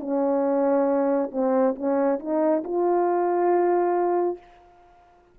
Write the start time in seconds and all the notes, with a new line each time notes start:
0.00 C#4
1.32 C4
1.75 C#4
2.19 D#4
2.64 F4